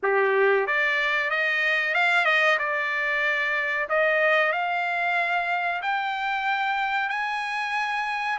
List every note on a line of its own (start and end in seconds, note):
0.02 0.67 G4
0.67 1.30 D5
1.30 1.94 D#5
1.94 2.25 F5
2.25 2.57 D#5
2.58 3.87 D5
3.89 4.52 D#5
4.52 5.81 F5
5.82 7.09 G5
7.09 8.38 G#5